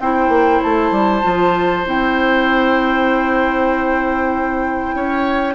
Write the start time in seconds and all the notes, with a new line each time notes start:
0.00 C4 E4 C5 G5
0.29 A#3
0.63 A3 A5
0.91 G3
1.22 F3 F4
1.85 C4 E4 G5
4.95 C#4 C#5